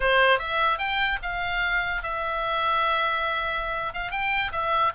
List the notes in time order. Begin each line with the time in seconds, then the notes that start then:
0.00 C5
0.38 E5
0.78 G5
1.22 F5
2.02 E5
3.93 F5
4.11 G5
4.52 E5